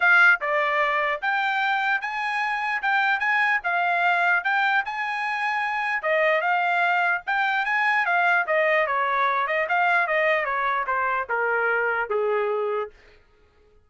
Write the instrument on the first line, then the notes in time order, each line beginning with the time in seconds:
trumpet
0.00 F5
0.40 D5
1.21 G5
2.01 G#5
2.82 G5
3.19 G#5
3.63 F5
4.43 G5
4.85 G#5
6.02 D#5
6.41 F5
7.26 G5
7.65 G#5
8.05 F5
8.46 D#5
8.86 C#5
9.47 D#5
9.68 F5
10.07 D#5
10.44 C#5
10.87 C5
11.29 A#4
12.09 G#4